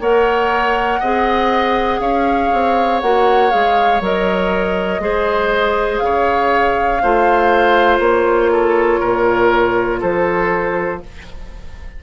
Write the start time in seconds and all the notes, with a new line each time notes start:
0.00 A#3 A#4 C#5 F#5
1.00 C4 G#4 D#5
2.00 C#4 C#5 F5
2.53 C4
3.01 A#3 F#4 F#5
3.50 G#3 G#4 F5
4.01 F#3 A#4 D#5
5.00 G#3 G#4 C5
5.99 C#3 C#5 F5
7.02 A3 F4 C5
7.99 A#3 C#5
8.52 A4
9.00 A#2 A#4
10.01 F3 A4 C5